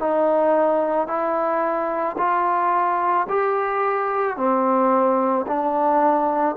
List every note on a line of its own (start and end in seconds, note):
0.00 1.08 D#4
1.08 2.17 E4
2.18 3.27 F4
3.29 4.37 G4
4.37 5.46 C4
5.47 6.56 D4